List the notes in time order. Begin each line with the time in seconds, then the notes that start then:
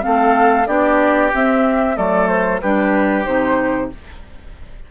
0.00 C4 A4 F5
0.06 A3
0.67 B3 D4 G4 D5
1.33 C4 E5
1.95 F#3 A3 A4 D5
2.27 C5
2.60 G3 D4 G4 B4
3.25 C3 D#4 C5